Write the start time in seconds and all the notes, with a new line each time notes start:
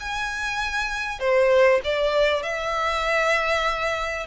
0.00 G#5
1.20 C5
1.84 D5
2.43 E5